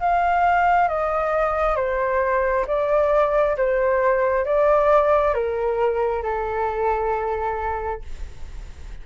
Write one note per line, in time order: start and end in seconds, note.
0.00 0.88 F5
0.88 1.76 D#5
1.76 2.65 C5
2.67 3.57 D5
3.57 4.45 C5
4.45 5.34 D5
5.34 6.23 A#4
6.23 8.02 A4